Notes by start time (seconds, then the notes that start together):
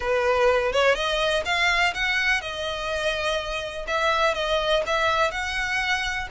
0.00 B4
0.72 C#5
0.94 D#5
1.45 F5
1.94 F#5
2.41 D#5
3.87 E5
4.34 D#5
4.86 E5
5.31 F#5